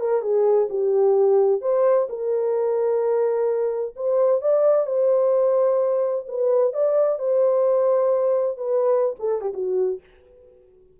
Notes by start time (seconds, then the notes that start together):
0.00 A#4
0.22 G#4
0.70 G4
1.61 C5
2.09 A#4
3.96 C5
4.41 D5
4.86 C5
6.28 B4
6.73 D5
7.19 C5
8.57 B4
9.19 A4
9.41 G4
9.53 F#4